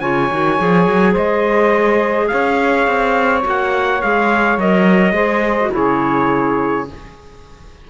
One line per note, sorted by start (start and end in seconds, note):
0.00 0.30 C#3
0.00 0.30 F4
0.00 1.12 C#5
0.00 1.14 G#5
0.31 0.60 D#3
0.31 0.58 F#4
0.58 0.87 F3
0.58 3.42 G#4
0.87 1.16 F#3
1.12 2.31 G#3
1.12 2.27 C5
1.12 2.28 D#5
2.28 2.87 C#4
2.28 5.14 C#5
2.28 3.42 F5
2.87 3.44 C4
3.42 4.02 A#3
3.42 3.99 F#4
3.49 4.02 F#5
4.02 4.57 G#3
4.02 4.59 G#4
4.02 4.59 F5
4.57 5.12 F#3
4.57 5.14 A#4
4.57 5.74 D#5
5.12 5.69 G#3
5.12 5.57 G#4
5.12 5.71 C5
5.60 5.72 F#4
5.72 6.90 C#3
5.72 6.86 E4
5.72 6.88 G#4
5.72 6.89 C#5